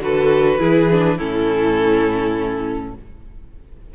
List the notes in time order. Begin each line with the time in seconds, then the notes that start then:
0.00 D3 F#4 A4 B4
0.59 E3 E4 G#4
0.92 D4
1.17 A2 C#4 E4 A4